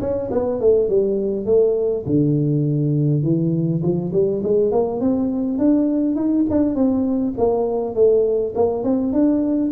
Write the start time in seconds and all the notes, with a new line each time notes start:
0.00 C#4
0.31 B3
0.60 A3
0.88 G3
1.45 A3
2.06 D3
3.22 E3
3.82 F3
4.12 G3
4.43 G#3
4.71 A#3
5.00 C4
5.58 D4
6.15 D#4
6.50 D4
6.75 C4
7.37 A#3
7.94 A3
8.55 A#3
8.83 C4
9.13 D4